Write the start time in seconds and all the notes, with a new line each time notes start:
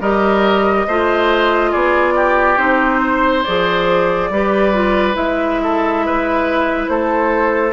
0.00 G3 G4 A#4 D#5
0.87 A3 F4 C5
1.71 B3 G#4 D5
2.15 G4
2.57 C4 D#4 C5
3.01 C5
3.44 F3 G#4 D5
4.30 G3 G4 B4
4.73 F4
5.13 G#3 E4 E5
5.63 A4
6.06 B4
6.88 A3 A4 C5